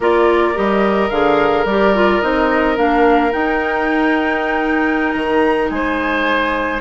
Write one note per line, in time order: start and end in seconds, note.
0.00 0.55 A#3
0.00 0.54 F4
0.00 5.70 A#4
0.00 0.57 D5
0.54 1.10 G3
0.54 1.10 G4
0.54 1.09 D#5
1.09 1.64 D3
1.09 1.66 G#4
1.09 1.65 F5
1.64 2.20 G3
1.64 1.94 G4
1.64 2.21 D5
1.94 2.22 F4
2.21 2.77 C4
2.21 2.76 D#4
2.21 2.77 D#5
2.76 3.32 A#3
2.76 3.31 D4
2.76 3.32 F5
3.31 6.79 D#4
3.31 5.14 D#4
3.31 5.12 G5
5.12 5.70 D#3
5.12 5.68 A#5
5.69 6.80 G#3
5.69 6.80 C5
5.69 6.80 G#5